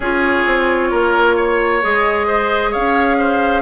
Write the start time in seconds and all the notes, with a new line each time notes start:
0.00 C#4 F4 G#4 C#5
0.46 C4
0.90 A#3 A#4
1.36 C#5
1.82 G#3 G#4 D#5
2.27 C5
2.70 C#4 C#5 F5
3.18 C5